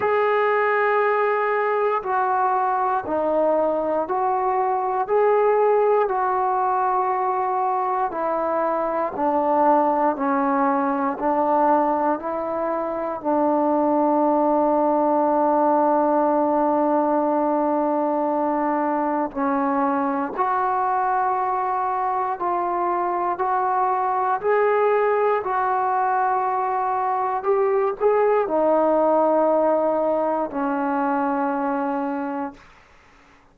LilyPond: \new Staff \with { instrumentName = "trombone" } { \time 4/4 \tempo 4 = 59 gis'2 fis'4 dis'4 | fis'4 gis'4 fis'2 | e'4 d'4 cis'4 d'4 | e'4 d'2.~ |
d'2. cis'4 | fis'2 f'4 fis'4 | gis'4 fis'2 g'8 gis'8 | dis'2 cis'2 | }